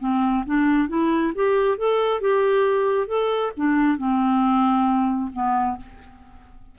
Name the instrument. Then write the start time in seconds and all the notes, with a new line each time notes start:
clarinet
0.00 C4
0.46 D4
0.88 E4
1.35 G4
1.78 A4
2.21 G4
3.07 A4
3.57 D4
3.98 C4
5.33 B3